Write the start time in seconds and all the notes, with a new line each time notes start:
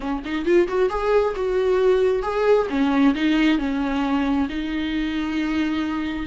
0.00 C#4
0.25 D#4
0.45 F4
0.67 F#4
0.89 G#4
1.35 F#4
2.22 G#4
2.69 C#4
3.14 D#4
3.58 C#4
4.49 D#4